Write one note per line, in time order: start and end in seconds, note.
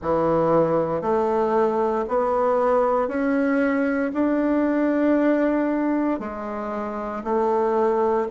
0.02 1.01 E3
1.01 2.05 A3
2.08 3.08 B3
3.08 4.11 C#4
4.13 6.19 D4
6.19 7.23 G#3
7.24 8.27 A3